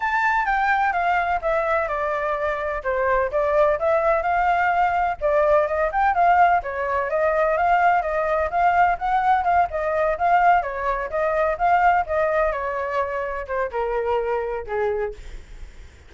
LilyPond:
\new Staff \with { instrumentName = "flute" } { \time 4/4 \tempo 4 = 127 a''4 g''4 f''4 e''4 | d''2 c''4 d''4 | e''4 f''2 d''4 | dis''8 g''8 f''4 cis''4 dis''4 |
f''4 dis''4 f''4 fis''4 | f''8 dis''4 f''4 cis''4 dis''8~ | dis''8 f''4 dis''4 cis''4.~ | cis''8 c''8 ais'2 gis'4 | }